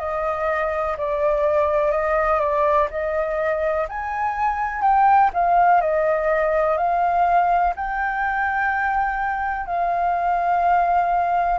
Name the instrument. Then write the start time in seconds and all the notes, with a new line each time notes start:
flute
0.00 D#5
0.98 D5
1.92 D#5
2.40 D5
2.91 D#5
3.89 G#5
4.82 G5
5.34 F5
5.82 D#5
6.77 F5
7.76 G5
9.67 F5